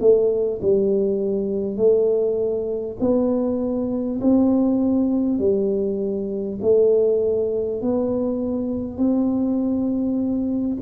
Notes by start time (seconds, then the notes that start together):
0.00 A3
0.61 G3
1.76 A3
3.00 B3
4.21 C4
5.38 G3
6.61 A3
7.81 B3
8.97 C4